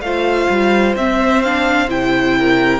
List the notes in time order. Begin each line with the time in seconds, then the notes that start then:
0.00 A3 F4 C5 F5
0.49 G3
0.95 C4 E5
1.42 D4 F5
1.88 C3 E4 G5
2.38 A#4